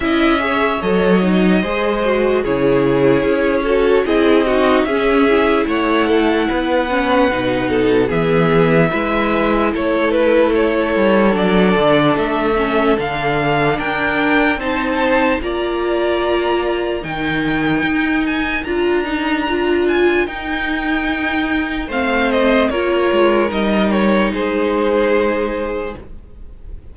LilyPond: <<
  \new Staff \with { instrumentName = "violin" } { \time 4/4 \tempo 4 = 74 e''4 dis''2 cis''4~ | cis''4 dis''4 e''4 fis''4~ | fis''2 e''2 | cis''8 b'8 cis''4 d''4 e''4 |
f''4 g''4 a''4 ais''4~ | ais''4 g''4. gis''8 ais''4~ | ais''8 gis''8 g''2 f''8 dis''8 | cis''4 dis''8 cis''8 c''2 | }
  \new Staff \with { instrumentName = "violin" } { \time 4/4 dis''8 cis''4. c''4 gis'4~ | gis'8 a'8 gis'8 fis'8 gis'4 cis''8 a'8 | b'4. a'8 gis'4 b'4 | a'1~ |
a'4 ais'4 c''4 d''4~ | d''4 ais'2.~ | ais'2. c''4 | ais'2 gis'2 | }
  \new Staff \with { instrumentName = "viola" } { \time 4/4 e'8 gis'8 a'8 dis'8 gis'8 fis'8 e'4~ | e'8 fis'8 e'8 dis'8 cis'8 e'4.~ | e'8 cis'8 dis'4 b4 e'4~ | e'2 d'4. cis'8 |
d'2 dis'4 f'4~ | f'4 dis'2 f'8 dis'8 | f'4 dis'2 c'4 | f'4 dis'2. | }
  \new Staff \with { instrumentName = "cello" } { \time 4/4 cis'4 fis4 gis4 cis4 | cis'4 c'4 cis'4 a4 | b4 b,4 e4 gis4 | a4. g8 fis8 d8 a4 |
d4 d'4 c'4 ais4~ | ais4 dis4 dis'4 d'4~ | d'4 dis'2 a4 | ais8 gis8 g4 gis2 | }
>>